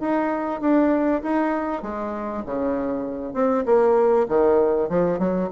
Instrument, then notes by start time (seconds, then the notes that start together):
bassoon
0.00 D#4
0.61 D4
1.22 D#4
1.83 G#3
2.45 C#3
3.34 C4
3.66 A#3
4.28 D#3
4.89 F3
5.18 F#3